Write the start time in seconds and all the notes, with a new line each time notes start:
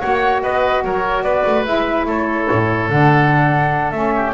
0.00 A#3 F#4 C#5 F#5
0.42 B3 B4 D#5
0.84 F#3 A#4 C#5
1.22 B3 B4 D5
1.46 A3
1.65 G#3 E4 E5
2.06 A3 A4 C#5
2.51 A2
2.89 D3 D4 F#5
3.90 A3 C#4 E5
4.16 G4